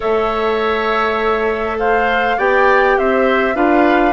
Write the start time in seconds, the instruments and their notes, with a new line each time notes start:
0.00 bassoon A3, clarinet A4, oboe C#5, flute E5
1.79 oboe C5, flute F5
2.37 bassoon B3, clarinet G4, oboe D5, flute G5
2.98 bassoon C4, oboe C5, flute E5
3.54 bassoon D4, clarinet F4, oboe B4, flute F5